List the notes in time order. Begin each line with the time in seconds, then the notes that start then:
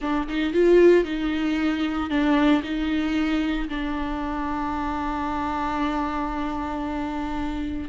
0.01 D4
0.28 D#4
0.53 F4
1.04 D#4
2.09 D4
2.63 D#4
3.68 D4